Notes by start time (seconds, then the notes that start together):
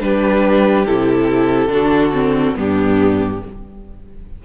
0.00 G3 D4 G4 B4
0.86 C3 E4 A4
1.68 D3 D4 F#4
2.13 C4
2.56 G2 B3 D4 G4